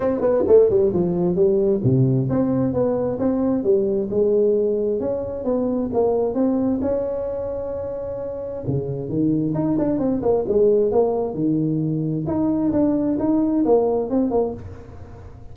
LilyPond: \new Staff \with { instrumentName = "tuba" } { \time 4/4 \tempo 4 = 132 c'8 b8 a8 g8 f4 g4 | c4 c'4 b4 c'4 | g4 gis2 cis'4 | b4 ais4 c'4 cis'4~ |
cis'2. cis4 | dis4 dis'8 d'8 c'8 ais8 gis4 | ais4 dis2 dis'4 | d'4 dis'4 ais4 c'8 ais8 | }